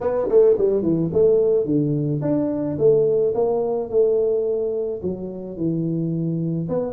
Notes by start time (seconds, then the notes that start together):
0.00 B3
0.29 A3
0.58 G3
0.82 E3
1.12 A3
1.65 D3
2.21 D4
2.78 A3
3.34 A#3
3.89 A3
5.02 F#3
5.57 E3
6.68 B3